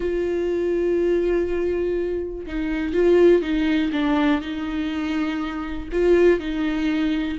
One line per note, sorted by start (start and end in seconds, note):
0.00 2.46 F4
2.46 2.93 D#4
2.93 3.42 F4
3.42 3.91 D#4
3.92 4.41 D4
4.41 5.88 D#4
5.92 6.39 F4
6.39 7.38 D#4